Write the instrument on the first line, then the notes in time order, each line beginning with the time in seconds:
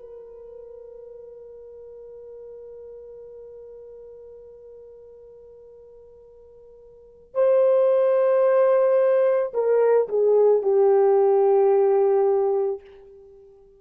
horn
0.00 A#4
7.35 C5
9.54 A#4
10.09 G#4
10.63 G4